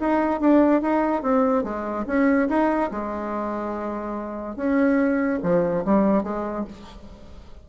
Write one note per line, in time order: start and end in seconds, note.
0.00 0.40 D#4
0.40 0.82 D4
0.82 1.23 D#4
1.23 1.64 C4
1.64 2.05 G#3
2.07 2.48 C#4
2.49 2.90 D#4
2.91 4.56 G#3
4.56 5.39 C#4
5.43 5.84 F3
5.85 6.23 G3
6.23 6.65 G#3